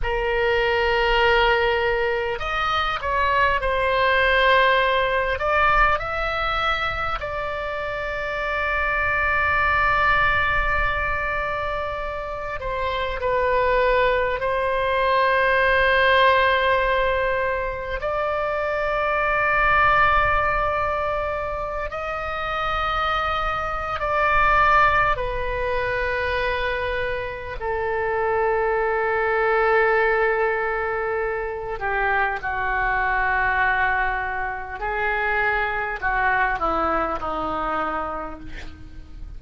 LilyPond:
\new Staff \with { instrumentName = "oboe" } { \time 4/4 \tempo 4 = 50 ais'2 dis''8 cis''8 c''4~ | c''8 d''8 e''4 d''2~ | d''2~ d''8 c''8 b'4 | c''2. d''4~ |
d''2~ d''16 dis''4.~ dis''16 | d''4 b'2 a'4~ | a'2~ a'8 g'8 fis'4~ | fis'4 gis'4 fis'8 e'8 dis'4 | }